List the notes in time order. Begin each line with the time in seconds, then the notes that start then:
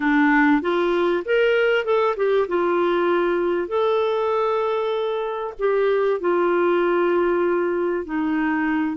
0.00 D4
0.61 F4
1.25 A#4
1.84 A4
2.16 G4
2.47 F4
3.68 A4
5.58 G4
6.20 F4
8.05 D#4